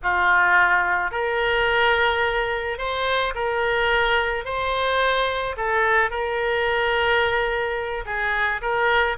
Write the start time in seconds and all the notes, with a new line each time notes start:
0.02 F4
1.11 A#4
2.78 C5
3.34 A#4
4.44 C5
5.57 A4
6.10 A#4
8.05 G#4
8.61 A#4